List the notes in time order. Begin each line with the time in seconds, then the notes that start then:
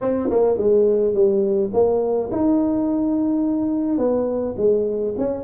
0.01 C4
0.29 A#3
0.57 G#3
1.14 G3
1.73 A#3
2.31 D#4
3.97 B3
4.57 G#3
5.17 C#4